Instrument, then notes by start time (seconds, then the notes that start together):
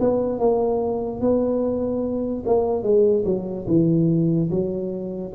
tuba
0.00 B3
0.39 A#3
1.21 B3
2.46 A#3
2.84 G#3
3.25 F#3
3.68 E3
4.51 F#3